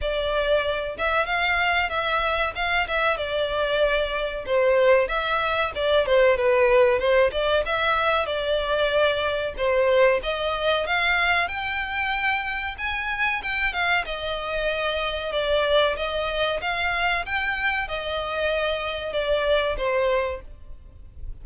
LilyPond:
\new Staff \with { instrumentName = "violin" } { \time 4/4 \tempo 4 = 94 d''4. e''8 f''4 e''4 | f''8 e''8 d''2 c''4 | e''4 d''8 c''8 b'4 c''8 d''8 | e''4 d''2 c''4 |
dis''4 f''4 g''2 | gis''4 g''8 f''8 dis''2 | d''4 dis''4 f''4 g''4 | dis''2 d''4 c''4 | }